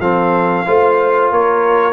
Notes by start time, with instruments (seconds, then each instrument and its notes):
0.00 tuba F3, trombone C4, horn A4, trumpet F5
0.66 tuba A3, trombone F4, horn C5
1.32 tuba A#3, horn A#4, trumpet C#5